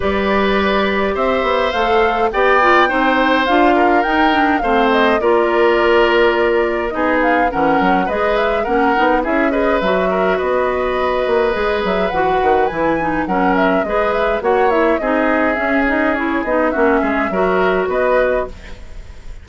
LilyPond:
<<
  \new Staff \with { instrumentName = "flute" } { \time 4/4 \tempo 4 = 104 d''2 e''4 f''4 | g''2 f''4 g''4 | f''8 dis''8 d''2. | dis''8 f''8 fis''4 dis''8 e''8 fis''4 |
e''8 dis''8 e''4 dis''2~ | dis''8 e''8 fis''4 gis''4 fis''8 e''8 | dis''8 e''8 fis''8 e''8 dis''4 e''8 dis''8 | cis''8 dis''8 e''2 dis''4 | }
  \new Staff \with { instrumentName = "oboe" } { \time 4/4 b'2 c''2 | d''4 c''4. ais'4. | c''4 ais'2. | gis'4 ais'4 b'4 ais'4 |
gis'8 b'4 ais'8 b'2~ | b'2. ais'4 | b'4 cis''4 gis'2~ | gis'4 fis'8 gis'8 ais'4 b'4 | }
  \new Staff \with { instrumentName = "clarinet" } { \time 4/4 g'2. a'4 | g'8 f'8 dis'4 f'4 dis'8 d'8 | c'4 f'2. | dis'4 cis'4 gis'4 cis'8 dis'8 |
e'8 gis'8 fis'2. | gis'4 fis'4 e'8 dis'8 cis'4 | gis'4 fis'8 e'8 dis'4 cis'8 dis'8 | e'8 dis'8 cis'4 fis'2 | }
  \new Staff \with { instrumentName = "bassoon" } { \time 4/4 g2 c'8 b8 a4 | b4 c'4 d'4 dis'4 | a4 ais2. | b4 e8 fis8 gis4 ais8 b8 |
cis'4 fis4 b4. ais8 | gis8 fis8 e8 dis8 e4 fis4 | gis4 ais4 c'4 cis'4~ | cis'8 b8 ais8 gis8 fis4 b4 | }
>>